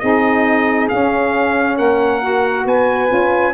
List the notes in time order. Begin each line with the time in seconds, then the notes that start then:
0.00 C4 D#4 G#4 D#5
0.89 C#4 F5
1.77 A#3 A#4 F#5
2.22 F#4
2.65 B3 B4 G#5
3.08 C#4 F4